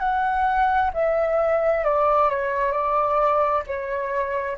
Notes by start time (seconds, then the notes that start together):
0.00 F#5
0.94 E5
1.85 D5
2.31 C#5
2.72 D5
3.67 C#5